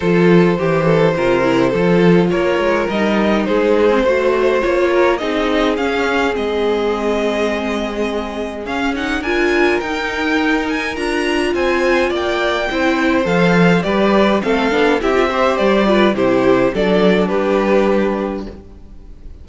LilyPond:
<<
  \new Staff \with { instrumentName = "violin" } { \time 4/4 \tempo 4 = 104 c''1 | cis''4 dis''4 c''2 | cis''4 dis''4 f''4 dis''4~ | dis''2. f''8 fis''8 |
gis''4 g''4. gis''8 ais''4 | gis''4 g''2 f''4 | d''4 f''4 e''4 d''4 | c''4 d''4 b'2 | }
  \new Staff \with { instrumentName = "violin" } { \time 4/4 a'4 g'8 a'8 ais'4 a'4 | ais'2 gis'4 c''4~ | c''8 ais'8 gis'2.~ | gis'1 |
ais'1 | c''4 d''4 c''2 | b'4 a'4 g'8 c''4 b'8 | g'4 a'4 g'2 | }
  \new Staff \with { instrumentName = "viola" } { \time 4/4 f'4 g'4 f'8 e'8 f'4~ | f'4 dis'4.~ dis'16 c'16 fis'4 | f'4 dis'4 cis'4 c'4~ | c'2. cis'8 dis'8 |
f'4 dis'2 f'4~ | f'2 e'4 a'4 | g'4 c'8 d'8 e'16 f'16 g'4 f'8 | e'4 d'2. | }
  \new Staff \with { instrumentName = "cello" } { \time 4/4 f4 e4 c4 f4 | ais8 gis8 g4 gis4 a4 | ais4 c'4 cis'4 gis4~ | gis2. cis'4 |
d'4 dis'2 d'4 | c'4 ais4 c'4 f4 | g4 a8 b8 c'4 g4 | c4 fis4 g2 | }
>>